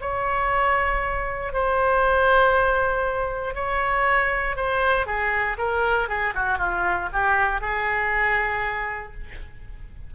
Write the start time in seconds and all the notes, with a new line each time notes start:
0.00 C#5
1.53 C5
3.54 C#5
4.56 C5
5.06 G#4
5.57 A#4
6.08 G#4
6.34 F#4
6.58 F4
7.12 G4
7.60 G#4